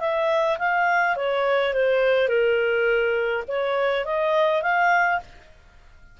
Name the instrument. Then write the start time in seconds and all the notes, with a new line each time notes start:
clarinet
0.00 E5
0.59 F5
1.16 C#5
1.73 C5
2.28 A#4
3.48 C#5
4.05 D#5
4.62 F5